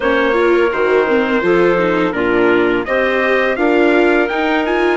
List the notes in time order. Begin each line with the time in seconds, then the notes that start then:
0.00 A#3 C#4 C5 C#5
0.33 F4
0.39 A#4
0.71 D#3 F#4 C5
1.06 C4
1.41 F3 F4 A4
1.78 D#4
2.12 A#2 D4 F4 A#4
2.85 C4 G4 C5 D#5
3.56 D4 F4 A#4 F5
4.28 D#4 G5
4.65 F4 G#5